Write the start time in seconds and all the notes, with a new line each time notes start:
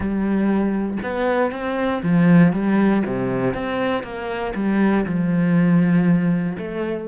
0.00 G3
1.02 B3
1.51 C4
2.02 F3
2.53 G3
3.06 C3
3.54 C4
4.03 A#3
4.54 G3
5.05 F3
6.58 A3